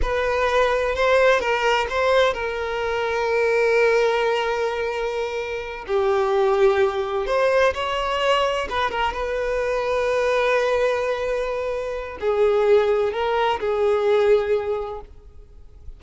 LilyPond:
\new Staff \with { instrumentName = "violin" } { \time 4/4 \tempo 4 = 128 b'2 c''4 ais'4 | c''4 ais'2.~ | ais'1~ | ais'8 g'2. c''8~ |
c''8 cis''2 b'8 ais'8 b'8~ | b'1~ | b'2 gis'2 | ais'4 gis'2. | }